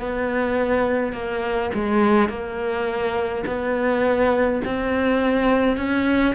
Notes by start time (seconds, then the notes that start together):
0.00 B3
1.13 A#3
1.74 G#3
2.29 A#3
3.46 B3
4.65 C4
5.77 C#4